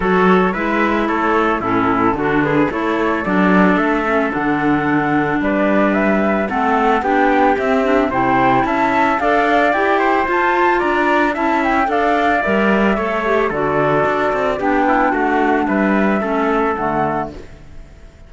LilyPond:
<<
  \new Staff \with { instrumentName = "flute" } { \time 4/4 \tempo 4 = 111 cis''4 e''4 cis''4 a'4~ | a'8 b'8 cis''4 d''4 e''4 | fis''2 d''4 e''4 | fis''4 g''4 e''4 g''4 |
a''4 f''4 g''4 a''4 | ais''4 a''8 g''8 f''4 e''4~ | e''4 d''2 g''4 | fis''4 e''2 fis''4 | }
  \new Staff \with { instrumentName = "trumpet" } { \time 4/4 a'4 b'4 a'4 e'4 | fis'8 gis'8 a'2.~ | a'2 b'2 | a'4 g'2 c''4 |
e''4 d''4. c''4. | d''4 e''4 d''2 | cis''4 a'2 g'8 e'8 | fis'4 b'4 a'2 | }
  \new Staff \with { instrumentName = "clarinet" } { \time 4/4 fis'4 e'2 cis'4 | d'4 e'4 d'4. cis'8 | d'1 | c'4 d'4 c'8 d'8 e'4~ |
e'4 a'4 g'4 f'4~ | f'4 e'4 a'4 ais'4 | a'8 g'8 fis'2 d'4~ | d'2 cis'4 a4 | }
  \new Staff \with { instrumentName = "cello" } { \time 4/4 fis4 gis4 a4 a,4 | d4 a4 fis4 a4 | d2 g2 | a4 b4 c'4 c4 |
cis'4 d'4 e'4 f'4 | d'4 cis'4 d'4 g4 | a4 d4 d'8 c'8 b4 | a4 g4 a4 d4 | }
>>